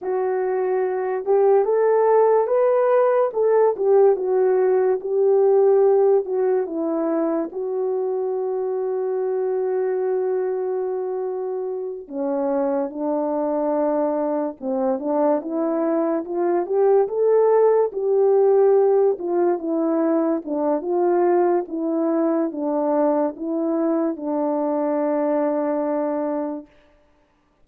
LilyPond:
\new Staff \with { instrumentName = "horn" } { \time 4/4 \tempo 4 = 72 fis'4. g'8 a'4 b'4 | a'8 g'8 fis'4 g'4. fis'8 | e'4 fis'2.~ | fis'2~ fis'8 cis'4 d'8~ |
d'4. c'8 d'8 e'4 f'8 | g'8 a'4 g'4. f'8 e'8~ | e'8 d'8 f'4 e'4 d'4 | e'4 d'2. | }